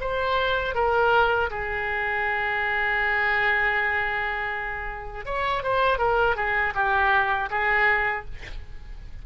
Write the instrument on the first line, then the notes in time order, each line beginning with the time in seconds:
oboe
0.00 C5
0.74 A#4
1.50 G#4
5.25 C#5
5.62 C5
5.98 A#4
6.35 G#4
6.74 G4
7.50 G#4